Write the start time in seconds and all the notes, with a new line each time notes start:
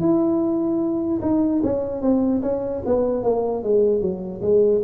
0.00 E4
1.21 D#4
1.63 C#4
2.01 C4
2.42 C#4
2.85 B3
3.23 A#3
3.63 G#3
4.01 F#3
4.41 G#3